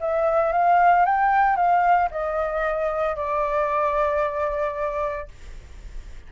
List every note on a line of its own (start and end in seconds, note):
0.00 0.52 E5
0.52 1.05 F5
1.05 1.56 G5
1.56 2.09 F5
2.11 3.15 D#5
3.15 5.28 D5